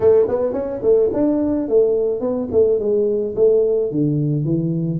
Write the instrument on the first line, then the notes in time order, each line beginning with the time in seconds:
tuba
0.00 A3
0.28 B3
0.53 C#4
0.82 A3
1.13 D4
1.68 A3
2.20 B3
2.51 A3
2.79 G#3
3.35 A3
3.91 D3
4.44 E3